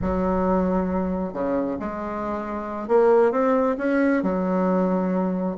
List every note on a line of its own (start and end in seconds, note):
0.01 1.33 F#3
1.33 1.77 C#3
1.79 2.87 G#3
2.87 3.31 A#3
3.31 3.76 C4
3.78 4.22 C#4
4.22 5.56 F#3